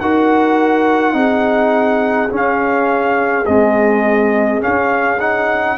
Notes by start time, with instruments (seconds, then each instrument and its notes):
0.00 tuba D#4, trombone F#4, horn A#4, trumpet F#5
1.13 tuba C4, trombone D#4, horn G#4
2.30 trombone C#4, tuba C#4
2.36 trumpet F5
3.46 trombone G#3, tuba C4, trumpet D#5
4.60 trombone C#4, trumpet F5
4.67 tuba C#4
5.20 trombone D#4, trumpet F#5